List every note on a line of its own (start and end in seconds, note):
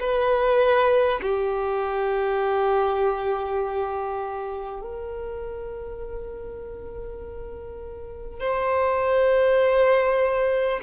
0.00 1.20 B4
1.22 4.81 G4
4.81 8.40 A#4
8.40 10.80 C5